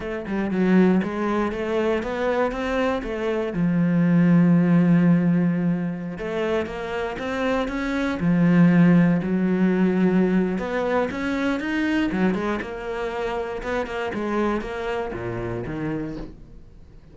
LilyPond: \new Staff \with { instrumentName = "cello" } { \time 4/4 \tempo 4 = 119 a8 g8 fis4 gis4 a4 | b4 c'4 a4 f4~ | f1~ | f16 a4 ais4 c'4 cis'8.~ |
cis'16 f2 fis4.~ fis16~ | fis4 b4 cis'4 dis'4 | fis8 gis8 ais2 b8 ais8 | gis4 ais4 ais,4 dis4 | }